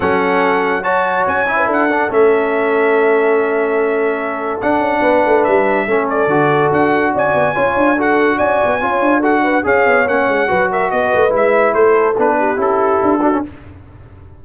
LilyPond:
<<
  \new Staff \with { instrumentName = "trumpet" } { \time 4/4 \tempo 4 = 143 fis''2 a''4 gis''4 | fis''4 e''2.~ | e''2. fis''4~ | fis''4 e''4. d''4. |
fis''4 gis''2 fis''4 | gis''2 fis''4 f''4 | fis''4. e''8 dis''4 e''4 | c''4 b'4 a'2 | }
  \new Staff \with { instrumentName = "horn" } { \time 4/4 a'2 cis''4.~ cis''16 b'16 | a'1~ | a'1 | b'2 a'2~ |
a'4 d''4 cis''4 a'4 | d''4 cis''4 a'8 b'8 cis''4~ | cis''4 b'8 ais'8 b'2 | a'4. g'2 fis'8 | }
  \new Staff \with { instrumentName = "trombone" } { \time 4/4 cis'2 fis'4. e'8~ | e'8 d'8 cis'2.~ | cis'2. d'4~ | d'2 cis'4 fis'4~ |
fis'2 f'4 fis'4~ | fis'4 f'4 fis'4 gis'4 | cis'4 fis'2 e'4~ | e'4 d'4 e'4. d'16 cis'16 | }
  \new Staff \with { instrumentName = "tuba" } { \time 4/4 fis2. cis'4 | d'4 a2.~ | a2. d'8 cis'8 | b8 a8 g4 a4 d4 |
d'4 cis'8 b8 cis'8 d'4. | cis'8 b8 cis'8 d'4. cis'8 b8 | ais8 gis8 fis4 b8 a8 gis4 | a4 b4 cis'4 d'4 | }
>>